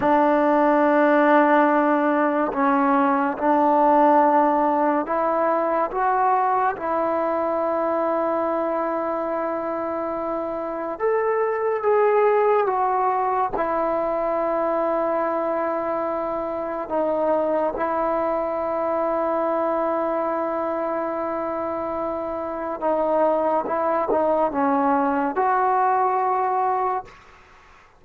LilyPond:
\new Staff \with { instrumentName = "trombone" } { \time 4/4 \tempo 4 = 71 d'2. cis'4 | d'2 e'4 fis'4 | e'1~ | e'4 a'4 gis'4 fis'4 |
e'1 | dis'4 e'2.~ | e'2. dis'4 | e'8 dis'8 cis'4 fis'2 | }